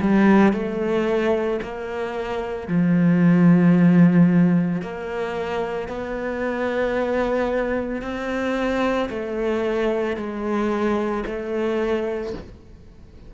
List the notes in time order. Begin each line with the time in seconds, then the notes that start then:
0.00 G3
0.53 A3
1.62 A#3
2.67 F3
4.82 A#3
5.88 B3
8.02 C4
9.09 A3
10.16 G#3
11.26 A3